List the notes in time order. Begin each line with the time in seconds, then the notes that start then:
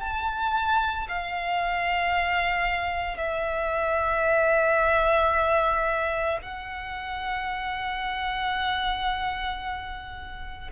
0.00 A5
1.08 F5
3.17 E5
6.42 F#5